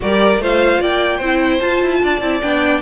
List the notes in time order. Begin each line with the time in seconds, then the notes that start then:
0.00 G3 G4 A#4 D5
0.37 A3 F4 C5 F5
0.80 A#3 D5 G5
1.17 C4 E4 C5
1.60 F4 A5
1.81 E4
2.02 D4 D5
2.20 C4 E4
2.41 B3 D4 G5